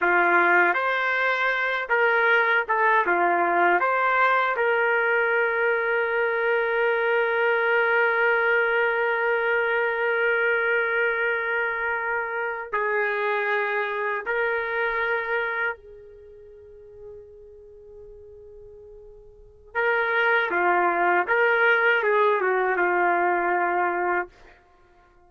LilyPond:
\new Staff \with { instrumentName = "trumpet" } { \time 4/4 \tempo 4 = 79 f'4 c''4. ais'4 a'8 | f'4 c''4 ais'2~ | ais'1~ | ais'1~ |
ais'8. gis'2 ais'4~ ais'16~ | ais'8. gis'2.~ gis'16~ | gis'2 ais'4 f'4 | ais'4 gis'8 fis'8 f'2 | }